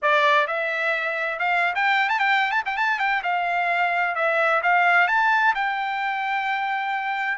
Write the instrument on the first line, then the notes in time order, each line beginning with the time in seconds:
trumpet
0.01 D5
0.47 E5
1.39 F5
1.75 G5
2.09 A5
2.19 G5
2.51 A5
2.65 G5
2.77 A5
2.99 G5
3.23 F5
4.15 E5
4.63 F5
5.07 A5
5.54 G5